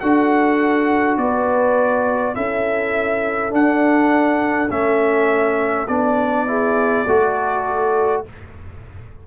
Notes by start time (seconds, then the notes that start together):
0.00 D4 F#4 A4 F#5
1.17 B3 B4 D5
2.35 C#4 E4 A4 E5
3.51 D4 F#5
4.70 A3 C#4 E5
5.88 B3 D4 D5
6.47 E4 G#4
7.07 A3 F#4 A4